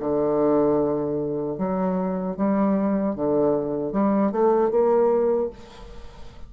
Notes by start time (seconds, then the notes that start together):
0.00 D3
1.58 F#3
2.37 G3
3.15 D3
3.93 G3
4.32 A3
4.71 A#3